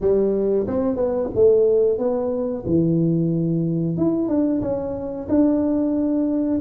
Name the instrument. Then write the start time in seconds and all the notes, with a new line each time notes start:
tuba
0.00 G3
0.67 C4
0.96 B3
1.34 A3
1.98 B3
2.66 E3
3.97 E4
4.28 D4
4.61 C#4
5.28 D4